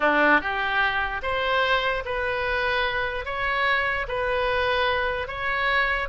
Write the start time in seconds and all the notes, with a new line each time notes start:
0.00 D4
0.40 G4
1.22 C5
2.05 B4
3.25 C#5
4.08 B4
5.27 C#5